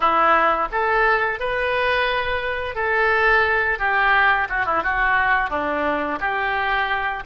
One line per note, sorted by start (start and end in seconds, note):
0.00 0.68 E4
0.71 1.39 A4
1.39 2.75 B4
2.75 3.78 A4
3.78 4.47 G4
4.49 4.66 F#4
4.66 4.83 E4
4.83 5.50 F#4
5.50 6.19 D4
6.19 7.23 G4